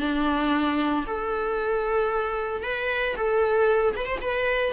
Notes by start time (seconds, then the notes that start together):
0.00 D4
1.07 A4
2.63 B4
3.16 A4
3.96 B4
4.06 C5
4.21 B4